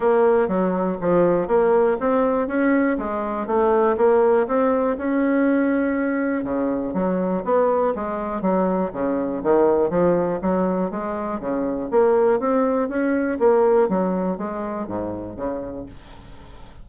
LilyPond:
\new Staff \with { instrumentName = "bassoon" } { \time 4/4 \tempo 4 = 121 ais4 fis4 f4 ais4 | c'4 cis'4 gis4 a4 | ais4 c'4 cis'2~ | cis'4 cis4 fis4 b4 |
gis4 fis4 cis4 dis4 | f4 fis4 gis4 cis4 | ais4 c'4 cis'4 ais4 | fis4 gis4 gis,4 cis4 | }